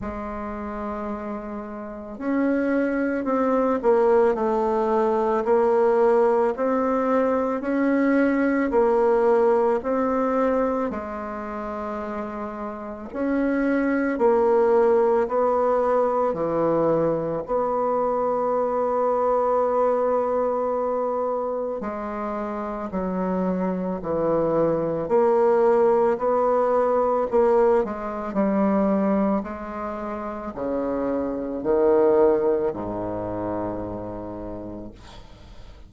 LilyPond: \new Staff \with { instrumentName = "bassoon" } { \time 4/4 \tempo 4 = 55 gis2 cis'4 c'8 ais8 | a4 ais4 c'4 cis'4 | ais4 c'4 gis2 | cis'4 ais4 b4 e4 |
b1 | gis4 fis4 e4 ais4 | b4 ais8 gis8 g4 gis4 | cis4 dis4 gis,2 | }